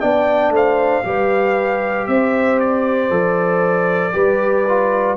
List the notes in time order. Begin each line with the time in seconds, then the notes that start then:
0.00 B3 D4 D5 G5
0.50 A3 C5
0.56 F5
1.04 G3 G4 B4
2.07 C4 C5 E5
2.59 D5
3.10 F3 A4
4.12 G3 G4 B4
4.68 F4